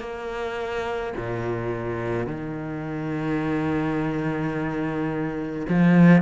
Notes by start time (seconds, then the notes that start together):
0.00 A#3
1.17 A#2
2.27 D#3
5.69 F3